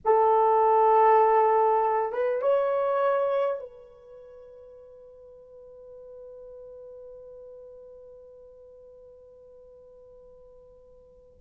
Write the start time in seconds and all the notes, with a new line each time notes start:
0.04 A4
2.12 B4
2.41 C#5
3.59 B4